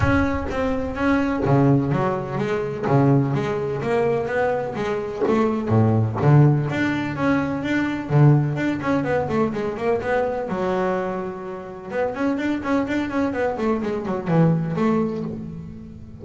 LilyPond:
\new Staff \with { instrumentName = "double bass" } { \time 4/4 \tempo 4 = 126 cis'4 c'4 cis'4 cis4 | fis4 gis4 cis4 gis4 | ais4 b4 gis4 a4 | a,4 d4 d'4 cis'4 |
d'4 d4 d'8 cis'8 b8 a8 | gis8 ais8 b4 fis2~ | fis4 b8 cis'8 d'8 cis'8 d'8 cis'8 | b8 a8 gis8 fis8 e4 a4 | }